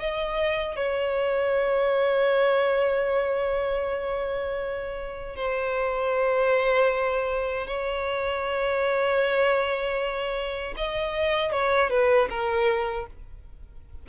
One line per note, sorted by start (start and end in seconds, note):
0.00 0.76 D#5
0.76 5.36 C#5
5.36 7.67 C5
7.67 10.75 C#5
10.77 11.52 D#5
11.52 11.90 C#5
11.90 12.29 B4
12.30 13.07 A#4